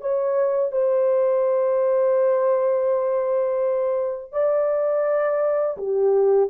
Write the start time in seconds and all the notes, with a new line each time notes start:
0.00 C#5
0.71 C5
4.32 D5
5.77 G4